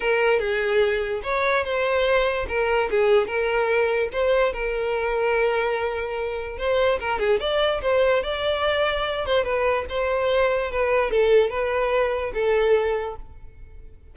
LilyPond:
\new Staff \with { instrumentName = "violin" } { \time 4/4 \tempo 4 = 146 ais'4 gis'2 cis''4 | c''2 ais'4 gis'4 | ais'2 c''4 ais'4~ | ais'1 |
c''4 ais'8 gis'8 d''4 c''4 | d''2~ d''8 c''8 b'4 | c''2 b'4 a'4 | b'2 a'2 | }